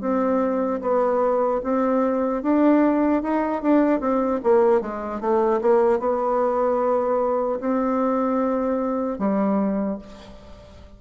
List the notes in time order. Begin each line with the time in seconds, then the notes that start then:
0.00 C4
0.81 B3
1.63 C4
2.43 D4
3.23 D#4
3.62 D4
4.00 C4
4.43 A#3
4.81 G#3
5.20 A3
5.61 A#3
5.99 B3
7.60 C4
9.19 G3